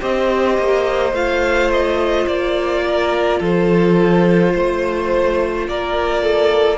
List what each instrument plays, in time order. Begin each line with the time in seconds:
0.00 cello C4, viola G4, violin C5 D#5
0.58 cello A#3
1.13 cello A3, viola F4, violin F5
1.71 violin D#5
2.27 cello A#3, violin D5
2.87 violin A#4
3.40 cello F3, violin A4 C5
4.53 cello A3, violin C5
5.68 cello A#3, violin A#4 D5
6.22 violin A4